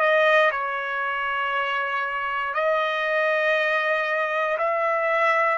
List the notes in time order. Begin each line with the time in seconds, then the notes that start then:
0.00 D#5
0.51 C#5
2.54 D#5
4.58 E5